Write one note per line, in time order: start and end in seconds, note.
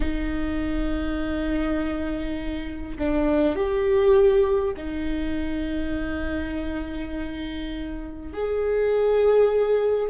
0.00 2.97 D#4
2.98 3.55 D4
3.55 4.74 G4
4.76 8.33 D#4
8.33 10.10 G#4